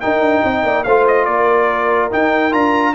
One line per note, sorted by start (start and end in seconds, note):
0.00 0.86 D#4
0.00 0.20 D#4
0.00 0.42 A#4
0.00 0.83 G5
0.20 0.41 D4
0.42 0.63 C4
0.42 0.63 D#5
0.63 0.84 A#3
0.63 0.85 D5
0.83 1.26 A3
0.83 2.11 F4
0.83 1.26 C5
0.83 1.04 F5
1.07 1.25 D#5
1.25 2.10 A#3
1.25 2.94 A#4
1.25 2.09 D5
2.11 2.51 D#4
2.11 2.53 D#4
2.11 2.53 G5
2.51 2.94 D4
2.51 2.93 F4
2.51 2.94 A#5